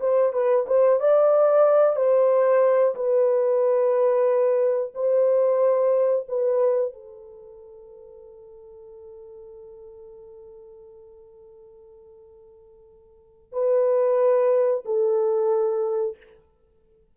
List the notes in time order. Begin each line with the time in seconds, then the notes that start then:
0.00 C5
0.33 B4
0.67 C5
1.00 D5
1.96 C5
2.95 B4
4.95 C5
6.28 B4
6.93 A4
13.52 B4
14.85 A4